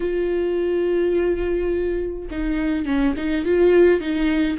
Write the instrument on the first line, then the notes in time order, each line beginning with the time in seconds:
viola
0.00 F4
2.30 D#4
2.85 C#4
3.16 D#4
3.45 F4
4.00 D#4